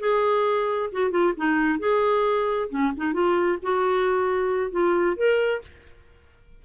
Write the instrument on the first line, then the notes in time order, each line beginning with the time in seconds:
clarinet
0.00 G#4
0.92 F#4
1.11 F4
1.37 D#4
1.79 G#4
2.70 C#4
2.97 D#4
3.14 F4
3.63 F#4
4.72 F4
5.17 A#4